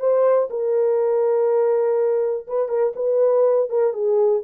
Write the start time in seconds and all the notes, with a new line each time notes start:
0.00 C5
0.50 A#4
2.47 B4
2.69 A#4
2.96 B4
3.70 A#4
3.93 G#4